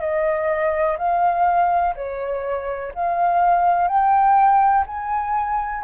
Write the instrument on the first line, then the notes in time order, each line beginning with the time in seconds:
flute
0.00 D#5
0.98 F5
1.95 C#5
2.94 F5
3.88 G5
4.87 G#5